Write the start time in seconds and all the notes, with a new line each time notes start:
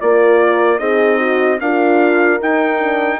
0.00 A#3 F4 A#4 D5
0.79 C4 D#4 G#4 D#5
1.18 F#4
1.60 D4 F4 A#4 F5
2.39 D#4 G5
2.78 D4